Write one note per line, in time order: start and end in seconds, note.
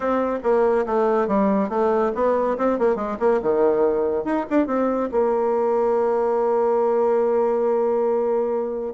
0.00 0.39 C4
0.43 0.85 A#3
0.85 1.27 A3
1.27 1.69 G3
1.69 2.12 A3
2.14 2.57 B3
2.57 2.78 C4
2.79 2.95 A#3
2.95 3.17 G#3
3.19 3.40 A#3
3.42 4.24 D#3
4.24 4.45 D#4
4.50 4.67 D4
4.67 5.09 C4
5.11 8.94 A#3